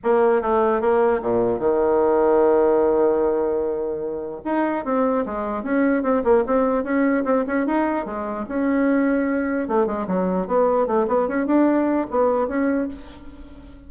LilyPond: \new Staff \with { instrumentName = "bassoon" } { \time 4/4 \tempo 4 = 149 ais4 a4 ais4 ais,4 | dis1~ | dis2. dis'4 | c'4 gis4 cis'4 c'8 ais8 |
c'4 cis'4 c'8 cis'8 dis'4 | gis4 cis'2. | a8 gis8 fis4 b4 a8 b8 | cis'8 d'4. b4 cis'4 | }